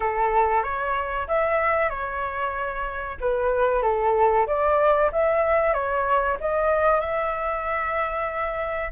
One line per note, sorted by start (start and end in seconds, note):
0.00 0.63 A4
0.63 1.27 C#5
1.27 1.89 E5
1.89 3.17 C#5
3.20 3.82 B4
3.82 4.46 A4
4.47 5.10 D5
5.12 5.73 E5
5.73 6.37 C#5
6.40 7.00 D#5
7.00 8.92 E5